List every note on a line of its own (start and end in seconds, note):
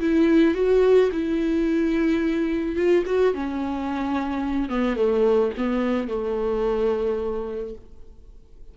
0.00 0.54 E4
0.54 1.10 F#4
1.12 2.76 E4
2.76 3.04 F4
3.06 3.34 F#4
3.34 4.69 C#4
4.69 4.96 B3
4.96 5.52 A3
5.57 6.08 B3
6.08 7.74 A3